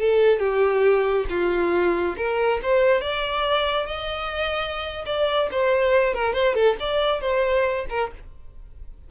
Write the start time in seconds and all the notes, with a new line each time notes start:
0.00 A4
0.39 G4
1.30 F4
2.17 A#4
2.63 C5
3.01 D5
3.86 D#5
5.06 D5
5.52 C5
6.14 A#4
6.34 C5
6.55 A4
6.80 D5
7.21 C5
7.90 A#4